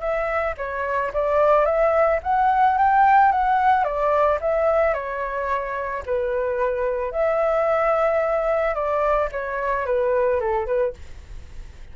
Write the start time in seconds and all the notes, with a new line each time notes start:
0.00 E5
0.57 C#5
1.13 D5
1.65 E5
2.23 F#5
2.78 G5
3.31 F#5
3.84 D5
4.41 E5
4.94 C#5
6.05 B4
7.12 E5
8.74 D5
9.31 C#5
9.86 B4
10.40 A4
10.66 B4